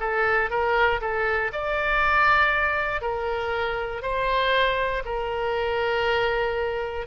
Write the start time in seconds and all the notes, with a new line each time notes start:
0.00 A4
0.50 A#4
1.01 A4
1.53 D5
3.02 A#4
4.02 C5
5.05 A#4